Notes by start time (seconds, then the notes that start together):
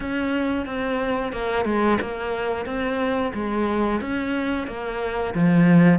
0.00 C#4
0.65 C4
1.32 A#3
1.65 G#3
2.01 A#3
2.65 C4
3.34 G#3
4.00 C#4
4.67 A#3
5.34 F3